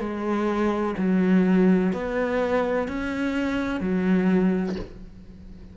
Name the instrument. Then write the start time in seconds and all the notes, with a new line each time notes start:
cello
0.00 G#3
0.98 F#3
1.93 B3
2.88 C#4
3.81 F#3